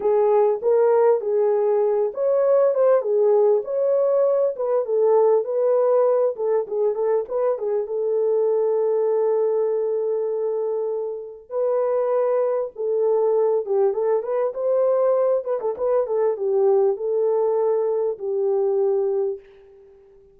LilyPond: \new Staff \with { instrumentName = "horn" } { \time 4/4 \tempo 4 = 99 gis'4 ais'4 gis'4. cis''8~ | cis''8 c''8 gis'4 cis''4. b'8 | a'4 b'4. a'8 gis'8 a'8 | b'8 gis'8 a'2.~ |
a'2. b'4~ | b'4 a'4. g'8 a'8 b'8 | c''4. b'16 a'16 b'8 a'8 g'4 | a'2 g'2 | }